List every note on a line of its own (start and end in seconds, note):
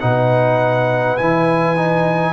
0.00 1.20 B2
0.00 1.18 D#4
0.00 2.33 B4
0.00 1.17 F#5
1.17 2.33 E3
1.17 1.76 E4
1.17 2.33 G#5
1.76 2.33 D#4